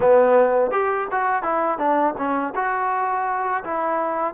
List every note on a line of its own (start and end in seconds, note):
0.00 0.71 B3
0.71 1.07 G4
1.11 1.43 F#4
1.43 1.78 E4
1.78 2.14 D4
2.17 2.53 C#4
2.55 3.63 F#4
3.63 4.34 E4